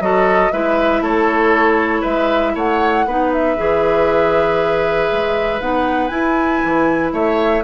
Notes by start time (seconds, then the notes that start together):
0.00 F#3 F#4 A4 D#5
0.52 G#3 E4 B4 E5
1.01 A3 A4 C#5
2.02 G#3 B4 E5
2.55 A3 C#5 F#5
3.06 B3 D#4 B4
3.33 E5
3.57 E3 G#4
5.12 G#3
5.61 B3 D#4 F#5
6.08 E4 G#5
6.65 E3
7.13 A3 C#5 E5